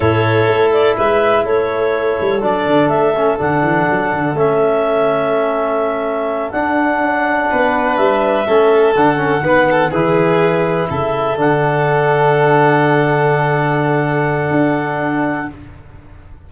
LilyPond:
<<
  \new Staff \with { instrumentName = "clarinet" } { \time 4/4 \tempo 4 = 124 cis''4. d''8 e''4 cis''4~ | cis''4 d''4 e''4 fis''4~ | fis''4 e''2.~ | e''4. fis''2~ fis''8~ |
fis''8 e''2 fis''4.~ | fis''8 b'2 e''4 fis''8~ | fis''1~ | fis''1 | }
  \new Staff \with { instrumentName = "violin" } { \time 4/4 a'2 b'4 a'4~ | a'1~ | a'1~ | a'2.~ a'8 b'8~ |
b'4. a'2 b'8 | a'8 gis'2 a'4.~ | a'1~ | a'1 | }
  \new Staff \with { instrumentName = "trombone" } { \time 4/4 e'1~ | e'4 d'4. cis'8 d'4~ | d'4 cis'2.~ | cis'4. d'2~ d'8~ |
d'4. cis'4 d'8 cis'8 b8~ | b8 e'2. d'8~ | d'1~ | d'1 | }
  \new Staff \with { instrumentName = "tuba" } { \time 4/4 a,4 a4 gis4 a4~ | a8 g8 fis8 d8 a4 d8 e8 | fis8 d8 a2.~ | a4. d'4 cis'4 b8~ |
b8 g4 a4 d4 dis8~ | dis8 e2 cis4 d8~ | d1~ | d2 d'2 | }
>>